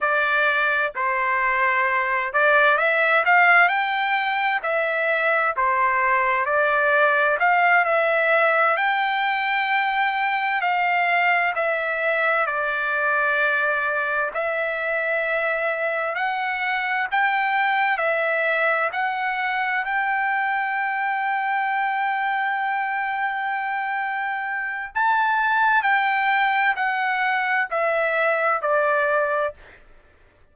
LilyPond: \new Staff \with { instrumentName = "trumpet" } { \time 4/4 \tempo 4 = 65 d''4 c''4. d''8 e''8 f''8 | g''4 e''4 c''4 d''4 | f''8 e''4 g''2 f''8~ | f''8 e''4 d''2 e''8~ |
e''4. fis''4 g''4 e''8~ | e''8 fis''4 g''2~ g''8~ | g''2. a''4 | g''4 fis''4 e''4 d''4 | }